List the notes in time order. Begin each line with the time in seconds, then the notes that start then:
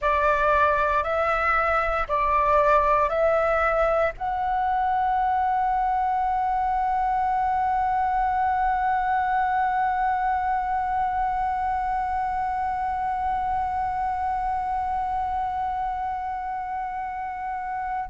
0.00 D5
1.03 E5
2.07 D5
3.08 E5
4.17 F#5